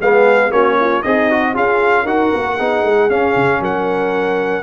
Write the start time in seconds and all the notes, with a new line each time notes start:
0.00 G#3 B3 G#4 F5
0.51 A#3 C#4 F#4 C#5
0.80 F4
1.03 C4 D#4 G#4 D#5
1.31 F#4
1.54 C#4 F4 G#4 F5
2.03 D#4 F#4 A#4 F#5
2.34 A#3
2.56 B3 D#4 G#4
2.84 G#3
3.10 C#4 F5
3.36 C#3
3.60 F#3 A#4 F#5